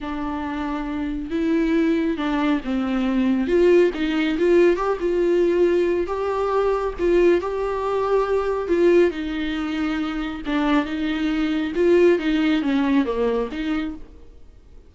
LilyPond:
\new Staff \with { instrumentName = "viola" } { \time 4/4 \tempo 4 = 138 d'2. e'4~ | e'4 d'4 c'2 | f'4 dis'4 f'4 g'8 f'8~ | f'2 g'2 |
f'4 g'2. | f'4 dis'2. | d'4 dis'2 f'4 | dis'4 cis'4 ais4 dis'4 | }